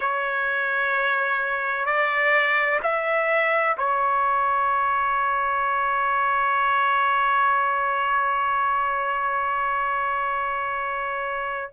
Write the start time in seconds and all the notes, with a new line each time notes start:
0.00 C#5
1.85 D5
2.83 E5
3.77 C#5